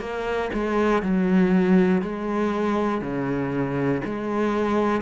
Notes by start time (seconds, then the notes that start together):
0.00 A#3
0.53 G#3
1.02 F#3
2.02 G#3
3.01 C#3
4.05 G#3